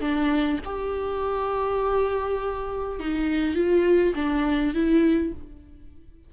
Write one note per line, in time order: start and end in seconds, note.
0.00 0.59 D4
0.64 2.99 G4
2.99 3.54 D#4
3.54 4.13 F4
4.15 4.74 D4
4.74 5.33 E4